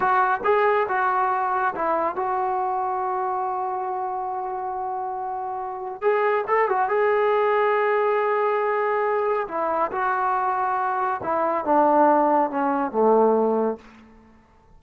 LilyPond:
\new Staff \with { instrumentName = "trombone" } { \time 4/4 \tempo 4 = 139 fis'4 gis'4 fis'2 | e'4 fis'2.~ | fis'1~ | fis'2 gis'4 a'8 fis'8 |
gis'1~ | gis'2 e'4 fis'4~ | fis'2 e'4 d'4~ | d'4 cis'4 a2 | }